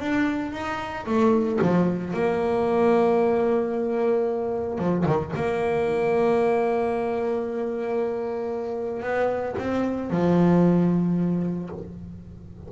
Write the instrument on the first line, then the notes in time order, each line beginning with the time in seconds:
double bass
0.00 D4
0.53 D#4
1.06 A3
1.61 F3
2.14 A#3
4.78 F3
5.06 D#3
5.35 A#3
9.03 B3
9.58 C4
10.11 F3